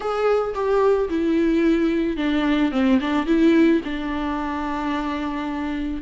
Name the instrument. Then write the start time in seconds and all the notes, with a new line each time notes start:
viola
0.00 G#4
0.54 G4
1.09 E4
2.17 D4
2.71 C4
3.00 D4
3.26 E4
3.84 D4